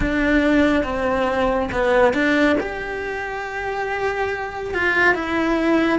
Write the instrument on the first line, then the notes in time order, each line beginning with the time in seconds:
cello
0.00 D4
0.83 C4
1.71 B3
2.13 D4
2.59 G4
4.74 F4
5.14 E4